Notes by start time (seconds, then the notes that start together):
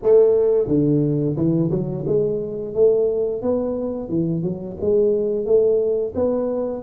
0.02 A3
0.67 D3
1.36 E3
1.70 F#3
2.06 G#3
2.74 A3
3.42 B3
4.08 E3
4.42 F#3
4.80 G#3
5.45 A3
6.15 B3